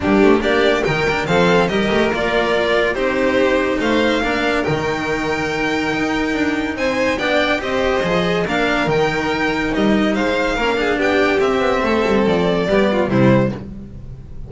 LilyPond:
<<
  \new Staff \with { instrumentName = "violin" } { \time 4/4 \tempo 4 = 142 g'4 d''4 g''4 f''4 | dis''4 d''2 c''4~ | c''4 f''2 g''4~ | g''1 |
gis''4 g''4 dis''2 | f''4 g''2 dis''4 | f''2 g''4 e''4~ | e''4 d''2 c''4 | }
  \new Staff \with { instrumentName = "violin" } { \time 4/4 d'4 g'4 ais'4 a'4 | ais'2. g'4~ | g'4 c''4 ais'2~ | ais'1 |
c''4 d''4 c''2 | ais'1 | c''4 ais'8 gis'8 g'2 | a'2 g'8 f'8 e'4 | }
  \new Staff \with { instrumentName = "cello" } { \time 4/4 ais8 c'16 ais16 d'4 dis'8 d'8 c'4 | g'4 f'2 dis'4~ | dis'2 d'4 dis'4~ | dis'1~ |
dis'4 d'4 g'4 gis'4 | d'4 dis'2.~ | dis'4 cis'8 d'4. c'4~ | c'2 b4 g4 | }
  \new Staff \with { instrumentName = "double bass" } { \time 4/4 g8 a8 ais4 dis4 f4 | g8 a8 ais2 c'4~ | c'4 a4 ais4 dis4~ | dis2 dis'4 d'4 |
c'4 b4 c'4 f4 | ais4 dis2 g4 | gis4 ais4 b4 c'8 b8 | a8 g8 f4 g4 c4 | }
>>